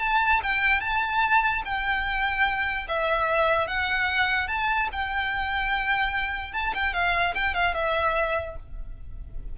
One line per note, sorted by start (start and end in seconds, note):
0.00 0.41 A5
0.43 0.81 G5
0.81 1.63 A5
1.65 2.88 G5
2.89 3.68 E5
3.68 4.48 F#5
4.48 4.89 A5
4.93 6.54 G5
6.54 6.74 A5
6.75 6.94 G5
6.94 7.35 F5
7.35 7.55 G5
7.55 7.75 F5
7.75 8.57 E5